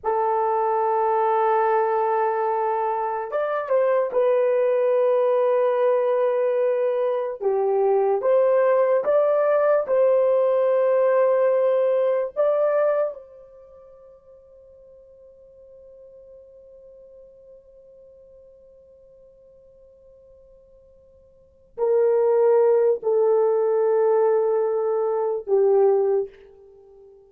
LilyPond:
\new Staff \with { instrumentName = "horn" } { \time 4/4 \tempo 4 = 73 a'1 | d''8 c''8 b'2.~ | b'4 g'4 c''4 d''4 | c''2. d''4 |
c''1~ | c''1~ | c''2~ c''8 ais'4. | a'2. g'4 | }